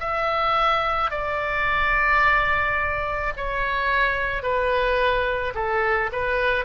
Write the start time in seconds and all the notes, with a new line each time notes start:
0.00 E5
1.11 D5
3.37 C#5
4.43 B4
5.55 A4
6.13 B4